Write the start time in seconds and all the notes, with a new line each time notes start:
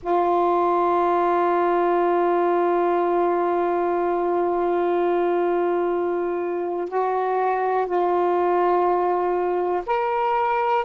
0.02 F4
6.89 F#4
7.86 F4
9.86 A#4